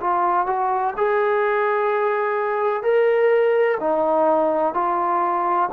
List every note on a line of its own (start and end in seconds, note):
0.00 0.46 F4
0.46 0.94 F#4
0.96 2.82 G#4
2.82 3.77 A#4
3.80 4.74 D#4
4.74 5.69 F4